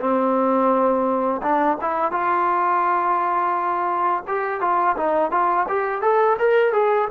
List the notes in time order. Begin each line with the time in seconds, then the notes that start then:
0.00 C4
1.43 D4
1.81 E4
2.12 F4
4.28 G4
4.61 F4
4.97 D#4
5.31 F4
5.69 G4
6.02 A4
6.39 A#4
6.73 G#4